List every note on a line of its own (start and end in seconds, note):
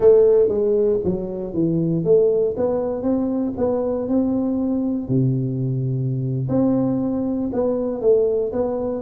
0.00 0.48 A3
0.48 0.99 G#3
1.04 1.53 F#3
1.53 2.04 E3
2.04 2.55 A3
2.56 3.02 B3
3.02 3.53 C4
3.57 4.08 B3
4.08 5.08 C4
5.08 6.48 C3
6.48 7.50 C4
7.52 8.01 B3
8.01 8.52 A3
8.52 9.02 B3